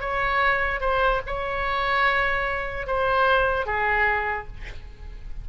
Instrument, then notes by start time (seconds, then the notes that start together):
oboe
0.00 C#5
0.80 C5
1.26 C#5
2.87 C5
3.66 G#4